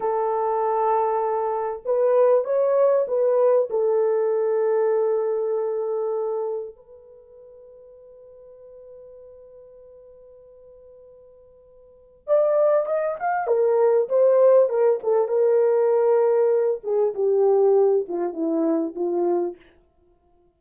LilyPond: \new Staff \with { instrumentName = "horn" } { \time 4/4 \tempo 4 = 98 a'2. b'4 | cis''4 b'4 a'2~ | a'2. b'4~ | b'1~ |
b'1 | d''4 dis''8 f''8 ais'4 c''4 | ais'8 a'8 ais'2~ ais'8 gis'8 | g'4. f'8 e'4 f'4 | }